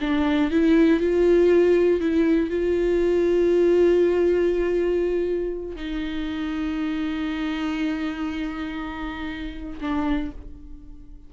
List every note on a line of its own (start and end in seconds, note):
0.00 0.50 D4
0.51 1.00 E4
1.00 2.00 F4
2.00 2.50 E4
2.50 5.76 F4
5.76 9.79 D#4
9.80 10.31 D4